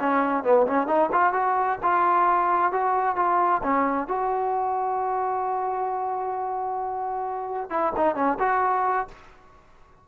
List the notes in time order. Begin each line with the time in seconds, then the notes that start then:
0.00 C#4
0.44 B3
0.67 C#4
0.88 D#4
1.13 F4
1.34 F#4
1.83 F4
2.72 F#4
3.17 F4
3.64 C#4
4.08 F#4
7.70 E4
7.97 D#4
8.16 C#4
8.40 F#4